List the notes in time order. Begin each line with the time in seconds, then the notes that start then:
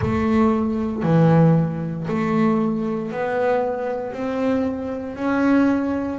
0.01 A3
1.03 E3
2.08 A3
3.11 B3
4.12 C4
5.15 C#4